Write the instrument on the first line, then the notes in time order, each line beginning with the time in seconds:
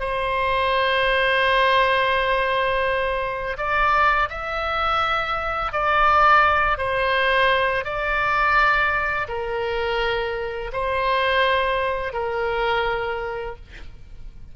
oboe
0.00 C5
3.57 D5
4.30 E5
5.72 D5
6.78 C5
7.84 D5
9.29 A#4
10.72 C5
12.13 A#4